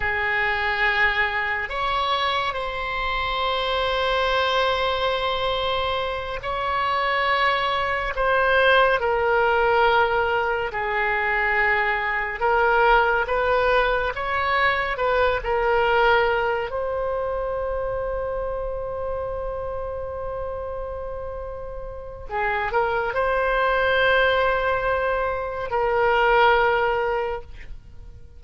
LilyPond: \new Staff \with { instrumentName = "oboe" } { \time 4/4 \tempo 4 = 70 gis'2 cis''4 c''4~ | c''2.~ c''8 cis''8~ | cis''4. c''4 ais'4.~ | ais'8 gis'2 ais'4 b'8~ |
b'8 cis''4 b'8 ais'4. c''8~ | c''1~ | c''2 gis'8 ais'8 c''4~ | c''2 ais'2 | }